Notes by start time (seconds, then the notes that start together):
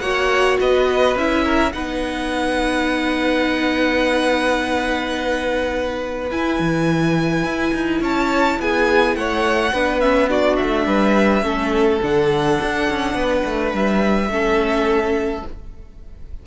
0.00 A#3 F#4 C#5 F#5
0.60 B3 B4 D#5
1.16 C#4 E4 E5
1.44 A#4
1.73 B3 D#4 B4 F#5
6.31 E4 G#5
6.59 E3
7.44 E4
7.74 D#4
8.01 C#4 C#5 A5
8.59 B3 G#4 G#5
9.16 A3 C#5 F#5
9.73 B3 D4 B4
10.01 C#4 E5
10.29 D4 F#4 D5
10.57 A3 E5
10.87 G3 B4
11.43 A3 C#4 A4
12.02 D3 D4 F#5
12.62 D4
12.90 C#4
13.15 B3 B4
13.45 A3
13.73 G3 E5
14.29 A3 C#4 A4